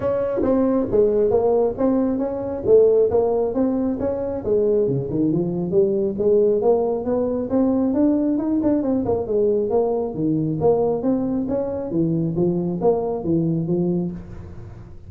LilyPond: \new Staff \with { instrumentName = "tuba" } { \time 4/4 \tempo 4 = 136 cis'4 c'4 gis4 ais4 | c'4 cis'4 a4 ais4 | c'4 cis'4 gis4 cis8 dis8 | f4 g4 gis4 ais4 |
b4 c'4 d'4 dis'8 d'8 | c'8 ais8 gis4 ais4 dis4 | ais4 c'4 cis'4 e4 | f4 ais4 e4 f4 | }